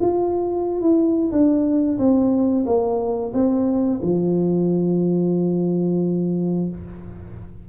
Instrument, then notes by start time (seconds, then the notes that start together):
tuba
0.00 F4
0.81 E4
1.31 D4
1.98 C4
2.65 A#3
3.33 C4
4.02 F3